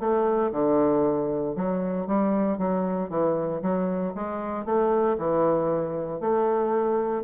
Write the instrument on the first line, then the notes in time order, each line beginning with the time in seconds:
bassoon
0.00 A3
0.52 D3
1.56 F#3
2.07 G3
2.58 F#3
3.10 E3
3.62 F#3
4.15 G#3
4.66 A3
5.18 E3
6.21 A3